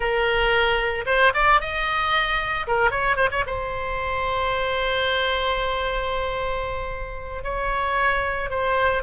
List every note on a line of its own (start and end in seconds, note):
0.00 1.04 A#4
1.06 1.32 C5
1.34 1.60 D5
1.60 2.66 D#5
2.67 2.90 A#4
2.90 3.16 C#5
3.16 3.29 C5
3.31 3.44 C#5
3.46 7.43 C5
7.43 8.50 C#5
8.50 9.02 C5